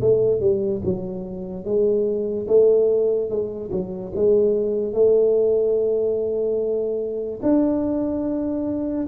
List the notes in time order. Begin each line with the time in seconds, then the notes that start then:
0.00 A3
0.40 G3
0.84 F#3
1.64 G#3
2.47 A3
3.30 G#3
3.71 F#3
4.15 G#3
4.93 A3
7.42 D4